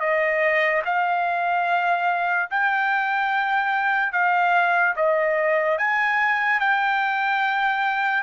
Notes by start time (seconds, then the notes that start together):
0.00 D#5
0.85 F5
2.50 G5
4.12 F5
4.96 D#5
5.78 G#5
6.60 G5